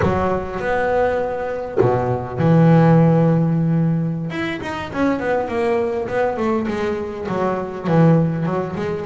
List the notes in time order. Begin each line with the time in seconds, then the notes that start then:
0.02 F#3
0.59 B3
1.80 B2
2.38 E3
4.30 E4
4.61 D#4
4.93 C#4
5.19 B3
5.48 A#3
6.08 B3
6.37 A3
6.67 G#3
7.28 F#3
7.87 E3
8.45 F#3
8.75 G#3